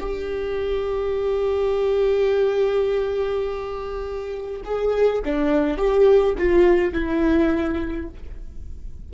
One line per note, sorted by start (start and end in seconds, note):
0.00 4.62 G4
4.65 5.22 G#4
5.24 5.77 D4
5.77 6.35 G4
6.38 6.93 F4
6.93 8.09 E4